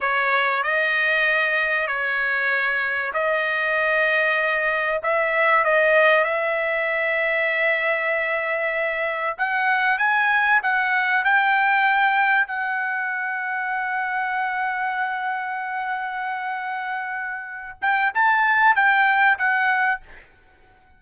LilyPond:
\new Staff \with { instrumentName = "trumpet" } { \time 4/4 \tempo 4 = 96 cis''4 dis''2 cis''4~ | cis''4 dis''2. | e''4 dis''4 e''2~ | e''2. fis''4 |
gis''4 fis''4 g''2 | fis''1~ | fis''1~ | fis''8 g''8 a''4 g''4 fis''4 | }